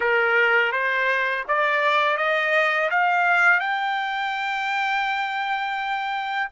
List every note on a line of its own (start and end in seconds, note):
0.00 0.72 A#4
0.72 1.44 C5
1.48 2.17 D5
2.17 2.89 D#5
2.90 3.60 F5
3.60 6.49 G5